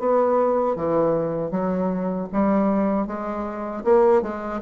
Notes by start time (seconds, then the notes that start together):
0.00 B3
0.77 E3
1.52 F#3
2.33 G3
3.08 G#3
3.85 A#3
4.23 G#3